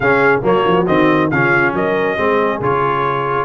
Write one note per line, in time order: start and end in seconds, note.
0.00 0.41 C#3
0.00 0.42 C#4
0.00 0.44 G#4
0.00 0.42 F5
0.42 0.64 F#3
0.42 0.85 A#3
0.42 1.31 F#4
0.42 0.86 C#5
0.66 0.87 F3
0.86 1.31 D#3
0.86 1.31 C4
0.86 1.30 D#5
1.30 1.73 C#3
1.30 2.17 C#4
1.30 1.74 F4
1.30 1.74 F5
1.73 2.17 F#3
1.73 2.18 A#4
1.73 2.62 D#5
2.17 2.60 G#3
2.17 2.60 C4
2.17 3.44 G#4
2.61 3.44 C#3
2.61 3.44 F4
2.61 3.44 C#5